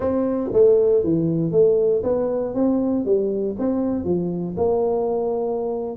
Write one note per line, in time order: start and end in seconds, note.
0.00 0.50 C4
0.52 1.03 A3
1.03 1.51 E3
1.51 2.02 A3
2.03 2.54 B3
2.54 3.05 C4
3.05 3.56 G3
3.58 4.04 C4
4.04 4.55 F3
4.56 5.96 A#3